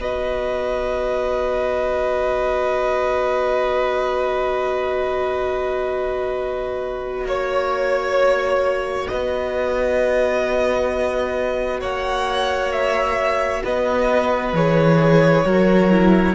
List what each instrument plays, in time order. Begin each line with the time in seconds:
0.00 cello B3, viola F#4, violin B4 D#5
7.25 cello A#3, violin C#5
9.08 cello B3, violin B4 D#5
11.81 cello A#3, violin C#5 F#5
12.73 violin E5
13.64 cello B3, violin B4 D#5
14.54 cello E3, viola G#4, violin C#5
15.45 cello F#3, viola F#4, violin A#4
15.91 viola E4